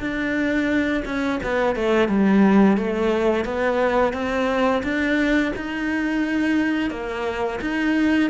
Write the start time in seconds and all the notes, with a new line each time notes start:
0.00 D4
1.05 C#4
1.43 B3
1.76 A3
2.08 G3
2.77 A3
3.45 B3
4.13 C4
4.83 D4
5.56 D#4
6.91 A#3
7.61 D#4